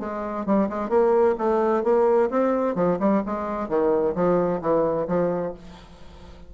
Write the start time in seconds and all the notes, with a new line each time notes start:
0.00 G#3
0.46 G3
0.69 G#3
0.90 A#3
1.38 A3
1.84 A#3
2.31 C4
2.75 F3
3.00 G3
3.26 G#3
3.69 D#3
4.15 F3
4.61 E3
5.08 F3